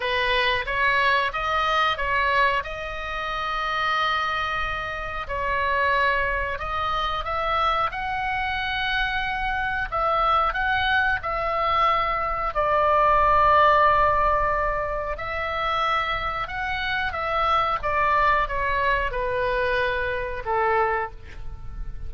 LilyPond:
\new Staff \with { instrumentName = "oboe" } { \time 4/4 \tempo 4 = 91 b'4 cis''4 dis''4 cis''4 | dis''1 | cis''2 dis''4 e''4 | fis''2. e''4 |
fis''4 e''2 d''4~ | d''2. e''4~ | e''4 fis''4 e''4 d''4 | cis''4 b'2 a'4 | }